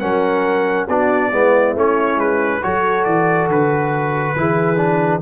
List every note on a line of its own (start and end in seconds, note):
0.00 0.89 F#3
0.00 0.88 C#4
0.00 0.87 A#4
0.00 0.87 F#5
0.87 1.32 B3
0.87 1.33 D4
0.87 1.30 F#4
0.87 1.76 D5
1.30 1.75 G#3
1.30 1.76 B3
1.30 2.61 E4
1.75 2.17 A3
1.75 2.62 C#4
1.75 2.20 C#5
2.17 2.60 G#3
2.17 2.64 B4
2.62 3.06 F#3
2.62 4.36 F#4
2.62 4.39 A4
2.62 3.05 C#5
3.05 3.48 E3
3.05 3.48 D5
3.48 4.35 D3
3.48 5.22 B4
4.36 5.22 E3
4.36 4.77 E4
4.36 5.22 G#4
4.77 5.21 D4